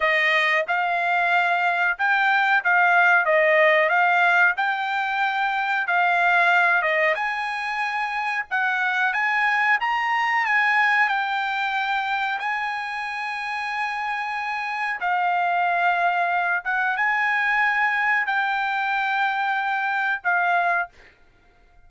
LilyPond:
\new Staff \with { instrumentName = "trumpet" } { \time 4/4 \tempo 4 = 92 dis''4 f''2 g''4 | f''4 dis''4 f''4 g''4~ | g''4 f''4. dis''8 gis''4~ | gis''4 fis''4 gis''4 ais''4 |
gis''4 g''2 gis''4~ | gis''2. f''4~ | f''4. fis''8 gis''2 | g''2. f''4 | }